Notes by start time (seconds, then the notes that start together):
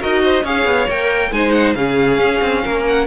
0.00 D#4 F#4 A#4 D#5
0.23 C5
0.43 C#4 G#4 C#5 F5
0.65 B3
0.88 A#3 A#4 G5
1.31 G#3 D#4 C5 G#5
1.51 F#5
1.74 C#3 C#4 G#4 F5
2.18 C#4
2.41 C4
2.63 A#3 A#4
2.87 F#5